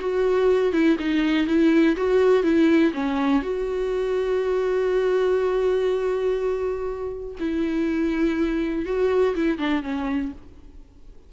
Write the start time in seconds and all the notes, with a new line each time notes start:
0.00 F#4
0.72 E4
0.99 D#4
1.47 E4
1.96 F#4
2.43 E4
2.94 C#4
3.42 F#4
7.39 E4
8.85 F#4
9.35 E4
9.58 D4
9.83 C#4